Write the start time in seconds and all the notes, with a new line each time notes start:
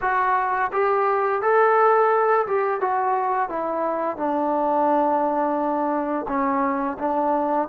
0.01 F#4
0.72 G4
1.41 A4
2.46 G4
2.80 F#4
3.49 E4
4.16 D4
6.28 C#4
6.99 D4